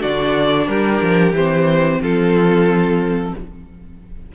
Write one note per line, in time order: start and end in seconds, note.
0.00 0.67 D3
0.00 1.32 D4
0.00 0.66 F#4
0.00 0.67 D5
0.67 1.00 G3
0.67 2.00 G4
0.67 1.33 A#4
1.01 1.33 F3
1.33 1.99 E3
1.33 3.34 C4
1.33 2.02 C5
2.00 3.33 F3
2.00 3.32 F4
2.00 3.34 A4